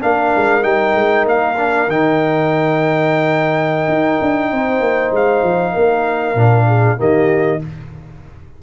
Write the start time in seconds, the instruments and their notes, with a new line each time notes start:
0.00 tuba A#3, trombone D4, horn A#4, trumpet F5
0.36 tuba G#3
0.62 tuba G3, trombone D#4, trumpet G5
0.95 tuba G#3
1.26 tuba A#3, trumpet F5
1.57 trombone D4
1.88 tuba D#3, trombone D#4, trumpet G5
3.88 tuba D#4
4.21 tuba D4
4.51 tuba C4, horn C5
4.80 tuba A#3
5.12 tuba G#3, trumpet F5
5.43 tuba F3
5.73 tuba A#3, horn A#4
6.35 tuba A#2, trombone D4
6.67 horn G#4
6.97 tuba D#3, trombone A#3, horn G4, trumpet D#5